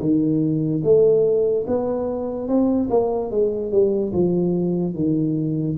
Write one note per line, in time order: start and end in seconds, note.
0.00 0.82 D#3
0.84 1.66 A3
1.67 2.48 B3
2.48 2.89 C4
2.90 3.31 A#3
3.31 3.71 G#3
3.71 4.12 G3
4.13 4.95 F3
4.95 5.77 D#3